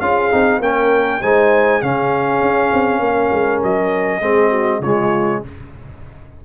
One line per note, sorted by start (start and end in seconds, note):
0.00 0.31 C#4
0.00 0.31 F4
0.00 0.61 G#4
0.00 0.60 F5
0.31 0.60 C4
0.31 0.61 D#4
0.60 1.20 A#3
0.60 1.22 C#4
0.60 1.21 A#4
0.60 1.22 G5
1.22 1.82 G#3
1.22 1.82 D#4
1.22 1.81 C5
1.22 1.82 G#5
1.81 2.41 C#3
1.81 4.21 C#4
1.81 3.01 G#4
1.81 3.62 F5
2.41 2.71 C#4
2.73 3.00 C4
3.00 3.29 A#3
3.00 4.20 A#4
3.32 3.62 G#3
3.63 4.21 F#3
3.63 4.82 D#5
4.20 4.80 G#3
4.20 4.81 C4
4.20 4.49 G#4
4.49 4.79 F#4
4.80 5.40 C#3
4.80 5.45 G#3
4.80 5.42 F4
4.80 5.42 C#5